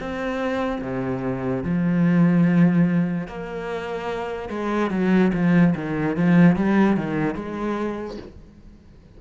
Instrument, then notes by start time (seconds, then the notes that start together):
cello
0.00 C4
0.82 C3
1.64 F3
3.28 A#3
4.49 G#3
4.91 F#3
5.33 F3
5.75 D#3
6.17 F3
6.56 G3
6.97 D#3
7.35 G#3